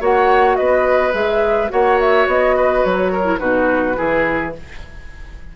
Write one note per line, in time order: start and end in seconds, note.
0.00 0.57 A#3
0.00 1.12 F#4
0.00 0.57 C#5
0.00 0.56 F#5
0.56 1.13 B3
0.56 1.71 B4
0.56 1.12 D#5
1.12 1.70 G#3
1.12 1.69 G#4
1.12 1.70 E5
1.69 2.27 A#3
1.69 3.23 F#4
1.69 2.56 C#5
1.69 1.99 F#5
1.99 2.28 E5
2.27 2.83 B3
2.27 2.84 D#5
2.56 3.12 B4
2.84 3.40 F#3
2.84 3.39 C#5
3.12 3.39 A#4
3.23 3.38 E4
3.38 3.96 B2
3.38 3.95 D#4
3.38 3.96 F#4
3.38 4.52 B4
3.95 4.56 E3
3.95 4.52 E4
3.95 4.54 G#4